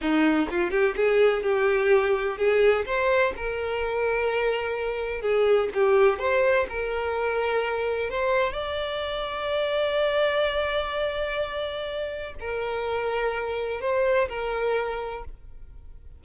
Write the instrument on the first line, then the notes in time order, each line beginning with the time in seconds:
violin
0.01 D#4
0.50 F4
0.70 G4
0.96 G#4
1.42 G4
2.37 G#4
2.85 C5
3.36 A#4
5.21 G#4
5.74 G4
6.18 C5
6.69 A#4
8.10 C5
8.53 D5
12.40 A#4
13.81 C5
14.29 A#4